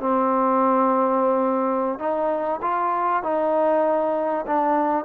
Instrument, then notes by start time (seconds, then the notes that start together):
trombone
0.00 C4
1.99 D#4
2.62 F4
3.23 D#4
4.47 D4